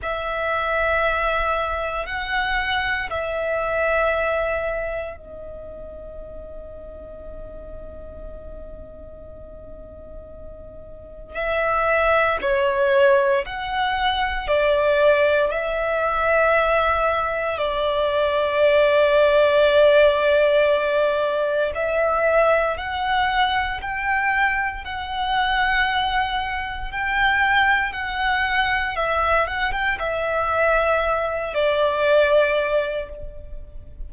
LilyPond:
\new Staff \with { instrumentName = "violin" } { \time 4/4 \tempo 4 = 58 e''2 fis''4 e''4~ | e''4 dis''2.~ | dis''2. e''4 | cis''4 fis''4 d''4 e''4~ |
e''4 d''2.~ | d''4 e''4 fis''4 g''4 | fis''2 g''4 fis''4 | e''8 fis''16 g''16 e''4. d''4. | }